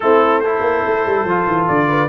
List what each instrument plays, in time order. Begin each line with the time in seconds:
0.00 tuba A3, trombone C4, horn E4, trumpet A4
0.40 trombone E4, horn A4, trumpet C5
0.60 tuba A#3
0.86 tuba A3
1.05 tuba G3
1.24 tuba F3, trombone F4
1.47 tuba E3
1.67 tuba D3, trumpet D5
1.88 horn B4